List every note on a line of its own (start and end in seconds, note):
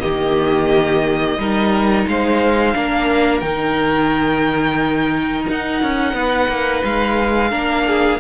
0.00 1.38 D#3
0.00 1.37 A#3
0.00 1.38 G4
0.00 2.05 D#5
1.38 2.06 G3
1.38 2.74 D#4
1.38 2.08 A#4
2.07 2.75 G#3
2.07 2.76 C5
2.07 3.40 F5
2.74 3.42 A#3
2.74 3.42 D4
2.74 6.17 A#4
3.40 5.47 D#3
3.40 7.51 D#4
3.40 5.45 G5
5.49 5.83 D#4
5.49 6.84 F#5
5.83 6.13 C#4
6.13 6.48 B3
6.13 7.50 B4
6.49 6.83 A#3
6.84 7.52 G#3
6.84 8.20 F5
7.50 8.20 A#3
7.50 8.19 D4
7.50 7.84 A#4
7.87 8.20 G#4